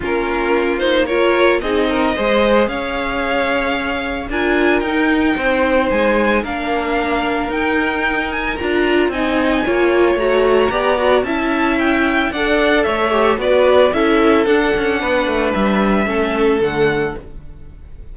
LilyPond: <<
  \new Staff \with { instrumentName = "violin" } { \time 4/4 \tempo 4 = 112 ais'4. c''8 cis''4 dis''4~ | dis''4 f''2. | gis''4 g''2 gis''4 | f''2 g''4. gis''8 |
ais''4 gis''2 ais''4~ | ais''4 a''4 g''4 fis''4 | e''4 d''4 e''4 fis''4~ | fis''4 e''2 fis''4 | }
  \new Staff \with { instrumentName = "violin" } { \time 4/4 f'2 ais'4 gis'8 ais'8 | c''4 cis''2. | ais'2 c''2 | ais'1~ |
ais'4 dis''4 cis''2 | d''4 e''2 d''4 | cis''4 b'4 a'2 | b'2 a'2 | }
  \new Staff \with { instrumentName = "viola" } { \time 4/4 cis'4. dis'8 f'4 dis'4 | gis'1 | f'4 dis'2. | d'2 dis'2 |
f'4 dis'4 f'4 fis'4 | g'8 fis'8 e'2 a'4~ | a'8 g'8 fis'4 e'4 d'4~ | d'2 cis'4 a4 | }
  \new Staff \with { instrumentName = "cello" } { \time 4/4 ais2. c'4 | gis4 cis'2. | d'4 dis'4 c'4 gis4 | ais2 dis'2 |
d'4 c'4 ais4 a4 | b4 cis'2 d'4 | a4 b4 cis'4 d'8 cis'8 | b8 a8 g4 a4 d4 | }
>>